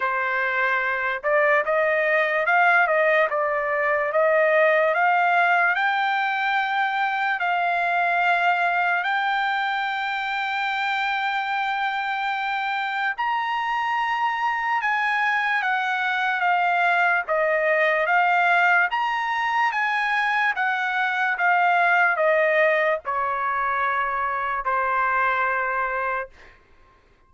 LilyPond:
\new Staff \with { instrumentName = "trumpet" } { \time 4/4 \tempo 4 = 73 c''4. d''8 dis''4 f''8 dis''8 | d''4 dis''4 f''4 g''4~ | g''4 f''2 g''4~ | g''1 |
ais''2 gis''4 fis''4 | f''4 dis''4 f''4 ais''4 | gis''4 fis''4 f''4 dis''4 | cis''2 c''2 | }